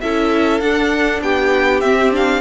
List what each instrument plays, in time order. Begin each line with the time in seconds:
0.00 cello C#4, viola E4, violin A4 E5
0.60 cello D4, viola D4, violin F#5
1.21 cello B3, violin G4 G5
1.80 cello C4, viola C4, violin E5
2.11 viola D4, violin F5